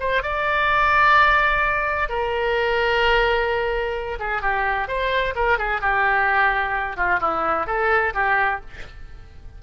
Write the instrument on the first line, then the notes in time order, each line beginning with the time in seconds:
oboe
0.00 C5
0.23 D5
2.10 A#4
4.20 G#4
4.42 G4
4.88 C5
5.36 A#4
5.59 G#4
5.81 G4
6.97 F4
7.21 E4
7.67 A4
8.14 G4